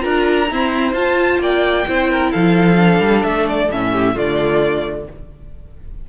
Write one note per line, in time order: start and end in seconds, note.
0.00 0.50 D4
0.00 0.46 F4
0.00 0.49 A#4
0.00 0.92 A#5
0.50 0.94 C4
0.50 0.93 E4
0.50 1.41 C5
0.93 1.39 F4
0.93 1.85 F4
0.93 1.40 A5
1.39 1.84 A#3
1.39 1.87 D5
1.39 2.32 G5
1.86 2.33 C4
1.86 2.76 E4
1.86 2.10 C5
2.11 2.31 A#4
2.31 3.00 F3
2.31 3.91 A4
2.31 3.23 F5
2.76 3.68 D4
3.00 3.23 G3
3.23 3.70 A3
3.23 3.46 E5
3.48 3.71 D5
3.70 4.15 A2
3.70 4.15 C#4
3.70 4.17 E5
3.91 4.14 G4
4.14 5.06 D3
4.14 5.06 A3
4.14 5.05 F4
4.14 5.09 D5